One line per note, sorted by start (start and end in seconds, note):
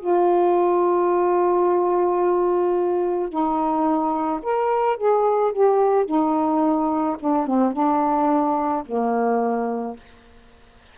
0.00 3.30 F4
3.30 4.41 D#4
4.43 4.97 A#4
4.97 5.53 G#4
5.53 6.06 G4
6.06 7.17 D#4
7.20 7.47 D4
7.47 7.73 C4
7.73 8.84 D4
8.86 9.97 A#3